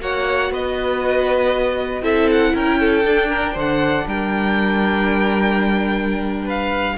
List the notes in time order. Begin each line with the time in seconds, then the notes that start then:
0.00 A#3 F#4 C#5 F#5
0.51 B3 B4 D#5
2.02 C4 E4 A4 E5
2.31 F#5
2.54 C#4 A#4 G5
2.80 A4
3.05 D4
3.29 A#4
3.54 D3 C5
3.60 F#5
4.07 G3 A#4 G5
6.45 B4 F5